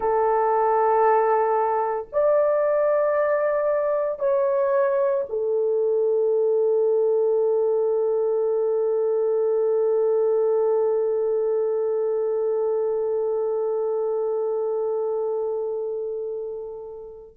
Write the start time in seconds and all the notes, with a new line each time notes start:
0.00 A4
2.12 D5
4.19 C#5
5.29 A4